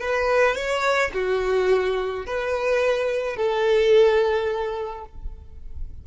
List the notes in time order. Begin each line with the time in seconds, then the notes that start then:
0.00 B4
0.55 C#5
1.13 F#4
2.26 B4
3.36 A4